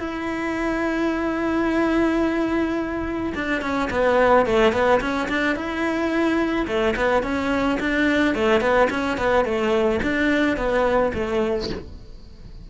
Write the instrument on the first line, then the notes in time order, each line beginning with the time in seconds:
cello
0.00 E4
3.35 D4
3.62 C#4
3.91 B3
4.46 A3
4.73 B3
5.01 C#4
5.29 D4
5.56 E4
6.67 A3
6.96 B3
7.23 C#4
7.80 D4
8.35 A3
8.61 B3
8.90 C#4
9.18 B3
9.45 A3
10.03 D4
10.57 B3
11.14 A3